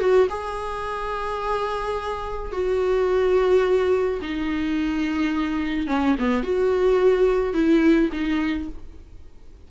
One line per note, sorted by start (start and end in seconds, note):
0.00 0.28 F#4
0.30 2.52 G#4
2.52 4.21 F#4
4.22 5.88 D#4
5.88 6.16 C#4
6.19 6.44 B3
6.44 7.54 F#4
7.54 8.10 E4
8.13 8.69 D#4